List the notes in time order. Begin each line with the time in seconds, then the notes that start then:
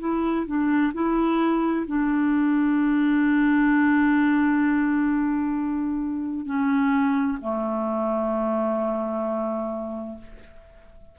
0.00 E4
0.47 D4
0.94 E4
1.87 D4
6.46 C#4
7.41 A3